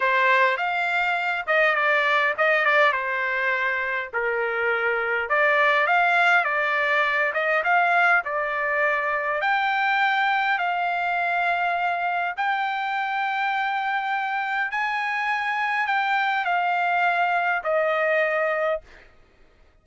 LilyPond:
\new Staff \with { instrumentName = "trumpet" } { \time 4/4 \tempo 4 = 102 c''4 f''4. dis''8 d''4 | dis''8 d''8 c''2 ais'4~ | ais'4 d''4 f''4 d''4~ | d''8 dis''8 f''4 d''2 |
g''2 f''2~ | f''4 g''2.~ | g''4 gis''2 g''4 | f''2 dis''2 | }